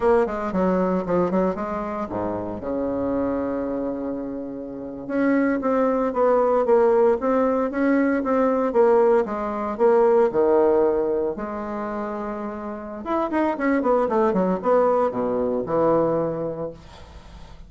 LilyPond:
\new Staff \with { instrumentName = "bassoon" } { \time 4/4 \tempo 4 = 115 ais8 gis8 fis4 f8 fis8 gis4 | gis,4 cis2.~ | cis4.~ cis16 cis'4 c'4 b16~ | b8. ais4 c'4 cis'4 c'16~ |
c'8. ais4 gis4 ais4 dis16~ | dis4.~ dis16 gis2~ gis16~ | gis4 e'8 dis'8 cis'8 b8 a8 fis8 | b4 b,4 e2 | }